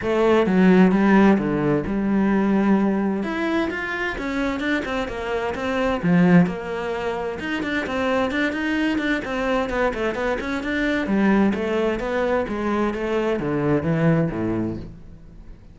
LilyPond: \new Staff \with { instrumentName = "cello" } { \time 4/4 \tempo 4 = 130 a4 fis4 g4 d4 | g2. e'4 | f'4 cis'4 d'8 c'8 ais4 | c'4 f4 ais2 |
dis'8 d'8 c'4 d'8 dis'4 d'8 | c'4 b8 a8 b8 cis'8 d'4 | g4 a4 b4 gis4 | a4 d4 e4 a,4 | }